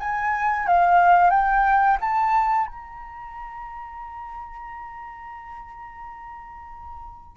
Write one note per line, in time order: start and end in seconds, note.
0.00 0.67 G#5
0.67 1.30 F5
1.30 1.98 G5
2.01 2.67 A5
2.67 7.36 A#5